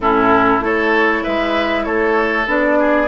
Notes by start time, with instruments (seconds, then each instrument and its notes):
0.00 bassoon A2, clarinet C#4, oboe E4, flute A4
0.60 bassoon A3, clarinet E4, oboe A4, flute C#5
1.23 bassoon G#3, oboe B4, flute E5
1.84 bassoon A3, oboe A4, flute C#5
2.47 bassoon B3, clarinet D4, flute D5
2.78 oboe G#4